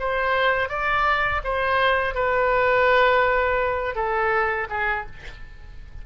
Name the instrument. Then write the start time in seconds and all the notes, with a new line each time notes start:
oboe
0.00 C5
0.69 D5
1.44 C5
2.15 B4
3.96 A4
4.70 G#4